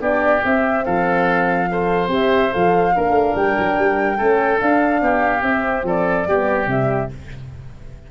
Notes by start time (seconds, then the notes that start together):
0.00 B3 D4 G4 D5
0.44 C4 E5
0.85 F3 A4 F5
1.70 A4 C5
2.08 C4 G4 E5
2.51 F3 A4 F5
2.95 A#3 D4 A#4
3.11 A3
3.35 G3 G5
3.58 F#3
3.78 G3
4.17 A3 C#4 A4
4.58 D4 F5
5.01 B3 G4
5.42 C4 E5
5.84 F3 A4 D5
6.27 G3 B3 G4
6.67 C3 G3 E5